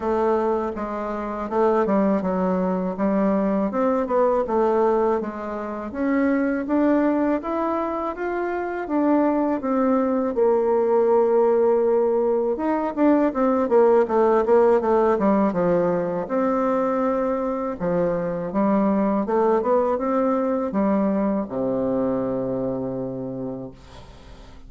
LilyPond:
\new Staff \with { instrumentName = "bassoon" } { \time 4/4 \tempo 4 = 81 a4 gis4 a8 g8 fis4 | g4 c'8 b8 a4 gis4 | cis'4 d'4 e'4 f'4 | d'4 c'4 ais2~ |
ais4 dis'8 d'8 c'8 ais8 a8 ais8 | a8 g8 f4 c'2 | f4 g4 a8 b8 c'4 | g4 c2. | }